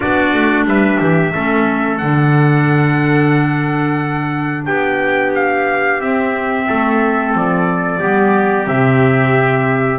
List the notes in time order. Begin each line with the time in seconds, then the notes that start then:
0.00 B3 D4 F#4 D5
0.33 A3
0.64 G3 B4 E5
1.00 E3 G4
1.34 A3 C#4 A4
1.97 D3 D4 F#5
4.65 B3 G4 G5
5.34 F5
5.99 C4 E5
6.67 A3 A4
7.34 F3 D5
7.99 G3 B3 G4
8.65 C3 C4 E5